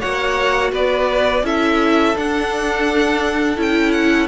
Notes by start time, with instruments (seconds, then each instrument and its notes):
0.00 cello A#3, viola F#4, violin C#5 F#5
0.72 cello B3, violin B4 D5
1.43 cello C#4, viola E4, violin A4 E5
2.15 viola D4, cello D4, violin F#5
3.57 cello C#4, viola E4, violin G5
3.92 violin F#5